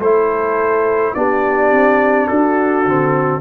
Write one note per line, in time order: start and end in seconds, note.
0.00 1.13 A3
0.00 1.16 E4
0.00 1.16 A4
0.00 1.15 C5
1.15 1.72 B3
1.15 2.86 D4
1.15 2.29 G4
1.15 2.28 D5
1.72 2.29 C4
2.28 2.87 D4
2.28 3.41 F#4
2.28 3.41 A4
2.87 3.41 D3
2.87 3.41 C4